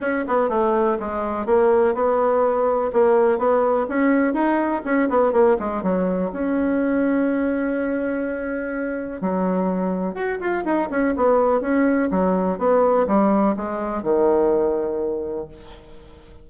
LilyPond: \new Staff \with { instrumentName = "bassoon" } { \time 4/4 \tempo 4 = 124 cis'8 b8 a4 gis4 ais4 | b2 ais4 b4 | cis'4 dis'4 cis'8 b8 ais8 gis8 | fis4 cis'2.~ |
cis'2. fis4~ | fis4 fis'8 f'8 dis'8 cis'8 b4 | cis'4 fis4 b4 g4 | gis4 dis2. | }